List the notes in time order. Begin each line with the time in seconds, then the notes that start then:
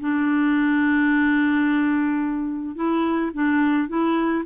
0.00 D4
2.76 E4
3.33 D4
3.88 E4